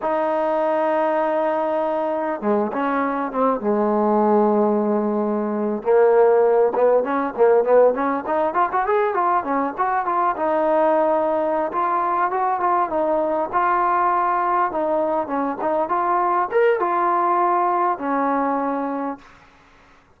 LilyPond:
\new Staff \with { instrumentName = "trombone" } { \time 4/4 \tempo 4 = 100 dis'1 | gis8 cis'4 c'8 gis2~ | gis4.~ gis16 ais4. b8 cis'16~ | cis'16 ais8 b8 cis'8 dis'8 f'16 fis'16 gis'8 f'8 cis'16~ |
cis'16 fis'8 f'8 dis'2~ dis'16 f'8~ | f'8 fis'8 f'8 dis'4 f'4.~ | f'8 dis'4 cis'8 dis'8 f'4 ais'8 | f'2 cis'2 | }